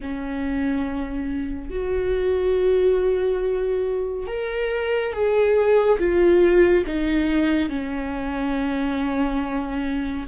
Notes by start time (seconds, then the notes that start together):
0.00 C#4
1.69 F#4
4.27 A#4
5.12 G#4
5.98 F4
6.86 D#4
7.69 C#4